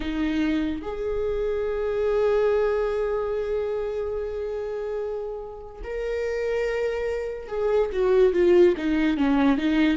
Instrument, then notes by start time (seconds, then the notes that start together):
viola
0.00 D#4
0.81 G#4
5.83 A#4
7.48 G#4
7.92 F#4
8.33 F4
8.77 D#4
9.17 C#4
9.57 D#4